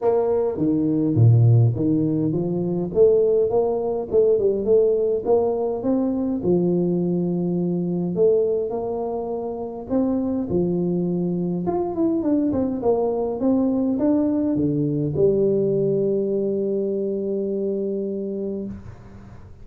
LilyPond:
\new Staff \with { instrumentName = "tuba" } { \time 4/4 \tempo 4 = 103 ais4 dis4 ais,4 dis4 | f4 a4 ais4 a8 g8 | a4 ais4 c'4 f4~ | f2 a4 ais4~ |
ais4 c'4 f2 | f'8 e'8 d'8 c'8 ais4 c'4 | d'4 d4 g2~ | g1 | }